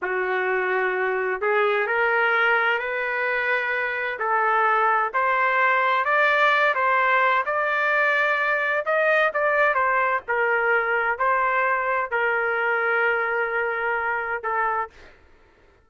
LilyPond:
\new Staff \with { instrumentName = "trumpet" } { \time 4/4 \tempo 4 = 129 fis'2. gis'4 | ais'2 b'2~ | b'4 a'2 c''4~ | c''4 d''4. c''4. |
d''2. dis''4 | d''4 c''4 ais'2 | c''2 ais'2~ | ais'2. a'4 | }